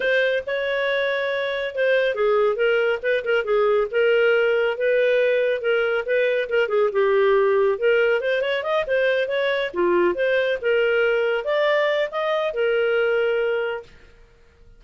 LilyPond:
\new Staff \with { instrumentName = "clarinet" } { \time 4/4 \tempo 4 = 139 c''4 cis''2. | c''4 gis'4 ais'4 b'8 ais'8 | gis'4 ais'2 b'4~ | b'4 ais'4 b'4 ais'8 gis'8 |
g'2 ais'4 c''8 cis''8 | dis''8 c''4 cis''4 f'4 c''8~ | c''8 ais'2 d''4. | dis''4 ais'2. | }